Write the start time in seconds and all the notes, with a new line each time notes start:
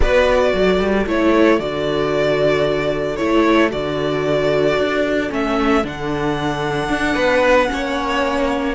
0.00 B3 F#4 B4 D5
0.54 F#3 A4
0.79 G3
1.06 A3 E4 C#5
1.58 D3 F#4 D5
3.16 A3 E4 C#5
3.69 D3 F#4 D5
4.77 D4
5.29 A3 C#4 E5
5.84 D3 D4 F#5
6.89 D4
7.14 B3 B4
7.67 A#3 C#4 C#5